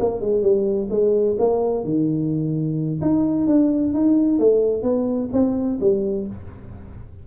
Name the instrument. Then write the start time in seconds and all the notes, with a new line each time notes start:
tuba
0.00 A#3
0.21 G#3
0.42 G3
0.90 G#3
1.38 A#3
1.84 D#3
3.01 D#4
3.47 D4
3.93 D#4
4.39 A3
4.83 B3
5.33 C4
5.81 G3